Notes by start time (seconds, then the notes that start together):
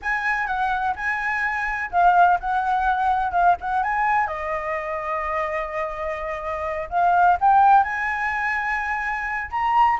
0.02 G#5
0.46 F#5
0.95 G#5
1.91 F5
2.40 F#5
3.31 F5
3.60 F#5
3.83 G#5
4.27 D#5
6.89 F5
7.40 G5
7.83 G#5
9.51 A#5